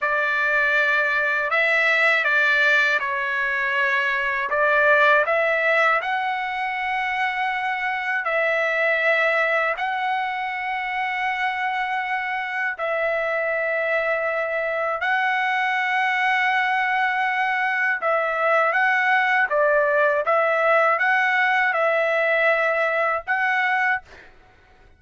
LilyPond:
\new Staff \with { instrumentName = "trumpet" } { \time 4/4 \tempo 4 = 80 d''2 e''4 d''4 | cis''2 d''4 e''4 | fis''2. e''4~ | e''4 fis''2.~ |
fis''4 e''2. | fis''1 | e''4 fis''4 d''4 e''4 | fis''4 e''2 fis''4 | }